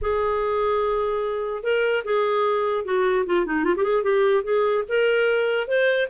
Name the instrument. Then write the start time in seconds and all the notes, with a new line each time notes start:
clarinet
0.01 G#4
1.63 A#4
2.04 G#4
2.84 F#4
3.25 F4
3.46 D#4
3.64 F4
3.76 G4
3.83 G#4
4.03 G4
4.43 G#4
4.88 A#4
5.67 C5